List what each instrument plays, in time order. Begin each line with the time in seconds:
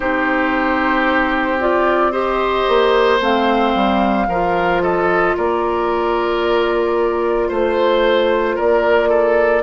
0.00 bassoon C4, clarinet D#4, oboe G4, flute C5
1.60 clarinet F4, flute D5
2.12 clarinet G4, oboe C5, flute D#5
2.68 bassoon A#3
3.20 bassoon A3, clarinet C4, flute F5
3.75 bassoon G3
4.27 bassoon F3, clarinet F4, oboe A#4
4.82 oboe A4, flute D#5
5.36 bassoon A#3, oboe A#4, flute D5
7.48 bassoon A3, oboe C5, flute C5
8.55 bassoon A#3, oboe A#4, flute D5
9.08 oboe A4